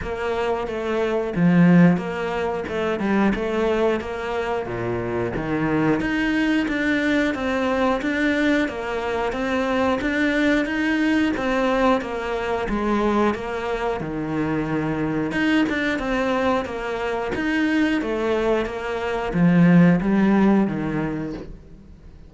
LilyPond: \new Staff \with { instrumentName = "cello" } { \time 4/4 \tempo 4 = 90 ais4 a4 f4 ais4 | a8 g8 a4 ais4 ais,4 | dis4 dis'4 d'4 c'4 | d'4 ais4 c'4 d'4 |
dis'4 c'4 ais4 gis4 | ais4 dis2 dis'8 d'8 | c'4 ais4 dis'4 a4 | ais4 f4 g4 dis4 | }